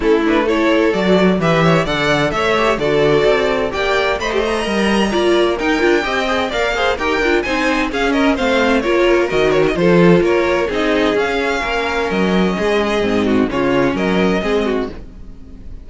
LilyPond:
<<
  \new Staff \with { instrumentName = "violin" } { \time 4/4 \tempo 4 = 129 a'8 b'8 cis''4 d''4 e''4 | fis''4 e''4 d''2 | g''4 b''16 g'16 ais''2~ ais''8 | g''2 f''4 g''4 |
gis''4 f''8 dis''8 f''4 cis''4 | dis''8 cis''16 dis''16 c''4 cis''4 dis''4 | f''2 dis''2~ | dis''4 cis''4 dis''2 | }
  \new Staff \with { instrumentName = "violin" } { \time 4/4 e'4 a'2 b'8 cis''8 | d''4 cis''4 a'2 | d''4 dis''2 d''4 | ais'4 dis''4 d''8 c''8 ais'4 |
c''4 gis'8 ais'8 c''4 ais'4~ | ais'4 a'4 ais'4 gis'4~ | gis'4 ais'2 gis'4~ | gis'8 fis'8 f'4 ais'4 gis'8 fis'8 | }
  \new Staff \with { instrumentName = "viola" } { \time 4/4 cis'8 d'8 e'4 fis'4 g'4 | a'4. g'8 fis'2 | g'4 c''4 ais'4 f'4 | dis'8 f'8 g'8 gis'8 ais'8 gis'8 g'8 f'8 |
dis'4 cis'4 c'4 f'4 | fis'4 f'2 dis'4 | cis'1 | c'4 cis'2 c'4 | }
  \new Staff \with { instrumentName = "cello" } { \time 4/4 a2 fis4 e4 | d4 a4 d4 c'4 | ais4 a4 g4 ais4 | dis'8 d'8 c'4 ais4 dis'8 d'8 |
c'4 cis'4 a4 ais4 | dis4 f4 ais4 c'4 | cis'4 ais4 fis4 gis4 | gis,4 cis4 fis4 gis4 | }
>>